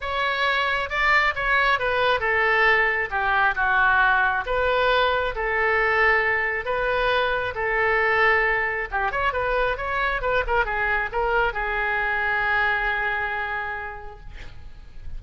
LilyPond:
\new Staff \with { instrumentName = "oboe" } { \time 4/4 \tempo 4 = 135 cis''2 d''4 cis''4 | b'4 a'2 g'4 | fis'2 b'2 | a'2. b'4~ |
b'4 a'2. | g'8 cis''8 b'4 cis''4 b'8 ais'8 | gis'4 ais'4 gis'2~ | gis'1 | }